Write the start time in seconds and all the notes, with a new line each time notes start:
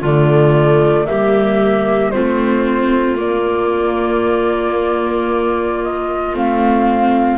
0.00 D3 A3 F4 D5
1.06 G3 A#3 G4 E5
2.11 A3 C4 F4 C5
3.16 A#3 D5
5.83 D#5
6.34 A3 C4 F5